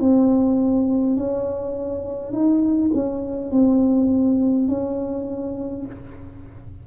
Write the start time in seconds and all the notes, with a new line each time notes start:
0.00 C4
1.17 C#4
2.32 D#4
2.94 C#4
3.51 C4
4.68 C#4